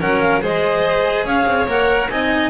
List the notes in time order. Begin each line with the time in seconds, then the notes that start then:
0.00 F#3 C#4 A#4 F#5
0.20 F5
0.41 G#3 G#4 C5 D#5
1.24 C#4 C#5 F5
1.46 C4
1.67 A#3 A#4 F#5
2.10 C4 D#4 D#5 G#5